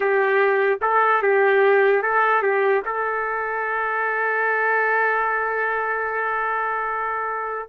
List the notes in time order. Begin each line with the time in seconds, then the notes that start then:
0.00 G4
0.81 A4
1.22 G4
2.02 A4
2.42 G4
2.85 A4